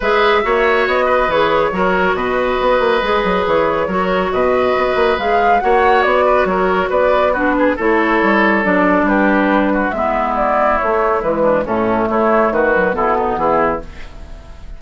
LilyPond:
<<
  \new Staff \with { instrumentName = "flute" } { \time 4/4 \tempo 4 = 139 e''2 dis''4 cis''4~ | cis''4 dis''2. | cis''2 dis''2 | f''4 fis''4 d''4 cis''4 |
d''4 b'4 cis''2 | d''4 b'2 e''4 | d''4 cis''4 b'4 a'4 | cis''4 b'4 a'4 gis'4 | }
  \new Staff \with { instrumentName = "oboe" } { \time 4/4 b'4 cis''4. b'4. | ais'4 b'2.~ | b'4 ais'4 b'2~ | b'4 cis''4. b'8 ais'4 |
b'4 fis'8 gis'8 a'2~ | a'4 g'4. fis'8 e'4~ | e'2~ e'8 d'8 cis'4 | e'4 fis'4 e'8 dis'8 e'4 | }
  \new Staff \with { instrumentName = "clarinet" } { \time 4/4 gis'4 fis'2 gis'4 | fis'2. gis'4~ | gis'4 fis'2. | gis'4 fis'2.~ |
fis'4 d'4 e'2 | d'2. b4~ | b4 a4 gis4 a4~ | a4. fis8 b2 | }
  \new Staff \with { instrumentName = "bassoon" } { \time 4/4 gis4 ais4 b4 e4 | fis4 b,4 b8 ais8 gis8 fis8 | e4 fis4 b,4 b8 ais8 | gis4 ais4 b4 fis4 |
b2 a4 g4 | fis4 g2 gis4~ | gis4 a4 e4 a,4 | a4 dis4 b,4 e4 | }
>>